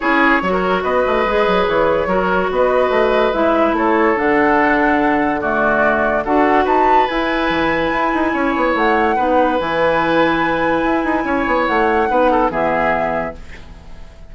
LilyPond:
<<
  \new Staff \with { instrumentName = "flute" } { \time 4/4 \tempo 4 = 144 cis''2 dis''2 | cis''2 dis''2 | e''4 cis''4 fis''2~ | fis''4 d''2 fis''4 |
a''4 gis''2.~ | gis''4 fis''2 gis''4~ | gis''1 | fis''2 e''2 | }
  \new Staff \with { instrumentName = "oboe" } { \time 4/4 gis'4 cis''16 ais'8. b'2~ | b'4 ais'4 b'2~ | b'4 a'2.~ | a'4 fis'2 a'4 |
b'1 | cis''2 b'2~ | b'2. cis''4~ | cis''4 b'8 a'8 gis'2 | }
  \new Staff \with { instrumentName = "clarinet" } { \time 4/4 e'4 fis'2 gis'4~ | gis'4 fis'2. | e'2 d'2~ | d'4 a2 fis'4~ |
fis'4 e'2.~ | e'2 dis'4 e'4~ | e'1~ | e'4 dis'4 b2 | }
  \new Staff \with { instrumentName = "bassoon" } { \time 4/4 cis'4 fis4 b8 a8 gis8 fis8 | e4 fis4 b4 a4 | gis4 a4 d2~ | d2. d'4 |
dis'4 e'4 e4 e'8 dis'8 | cis'8 b8 a4 b4 e4~ | e2 e'8 dis'8 cis'8 b8 | a4 b4 e2 | }
>>